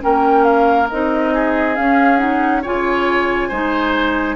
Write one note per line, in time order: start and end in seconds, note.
0.00 0.91 A#3
0.00 0.87 C#4
0.00 1.33 A#4
0.00 0.43 G5
0.43 0.87 F5
0.89 1.78 C4
0.89 1.75 D#4
0.89 1.75 D#5
1.33 2.62 G#4
1.75 2.18 C#4
1.75 2.65 C#4
1.75 2.17 F5
2.17 2.61 D#4
2.17 2.60 F#5
2.62 3.50 C#3
2.62 3.51 F4
2.62 3.48 C#5
2.62 4.35 G#5
3.48 4.35 G#3
3.48 4.35 D#4
3.48 4.35 C5